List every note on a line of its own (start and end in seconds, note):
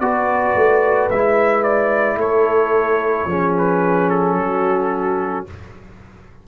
0.00 0.55 B3
0.00 1.11 F#4
0.00 2.17 B4
0.00 1.10 D5
0.55 1.09 A3
1.10 2.16 G#3
1.10 3.29 E4
1.10 1.63 E5
1.63 2.18 D5
2.16 3.25 A3
2.16 3.26 A4
2.16 3.57 C#5
3.26 4.35 F3
3.26 5.47 C#4
3.26 4.38 G#4
3.58 4.10 B4
4.10 5.46 A4
4.35 5.44 F#3
4.35 5.47 F#4